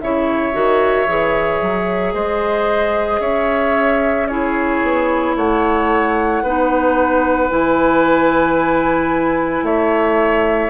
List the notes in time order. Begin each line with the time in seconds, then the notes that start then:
0.00 C#3 E4 C#5 E5
0.52 D#3 F#4
1.07 E3 G#4
1.61 F#3
2.13 G#3 C5 D#5
3.19 C#4 C#5 E5
4.27 E4 G#4 C#5
4.82 B3
5.36 A3 C#5 F#5
6.42 B3 D#4 B4
7.49 E3 E4 G#5
9.62 A3 C#5 E5